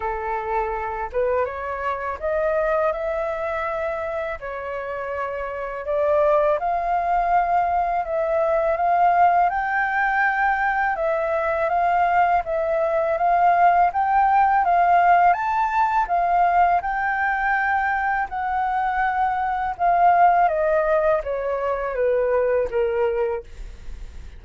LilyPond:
\new Staff \with { instrumentName = "flute" } { \time 4/4 \tempo 4 = 82 a'4. b'8 cis''4 dis''4 | e''2 cis''2 | d''4 f''2 e''4 | f''4 g''2 e''4 |
f''4 e''4 f''4 g''4 | f''4 a''4 f''4 g''4~ | g''4 fis''2 f''4 | dis''4 cis''4 b'4 ais'4 | }